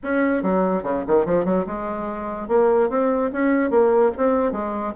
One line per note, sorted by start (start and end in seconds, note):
0.03 0.42 C#4
0.42 0.83 F#3
0.83 1.03 C#3
1.07 1.25 D#3
1.25 1.44 F3
1.44 1.65 F#3
1.66 2.48 G#3
2.48 2.89 A#3
2.89 3.31 C4
3.32 3.70 C#4
3.70 4.11 A#3
4.17 4.52 C4
4.52 4.93 G#3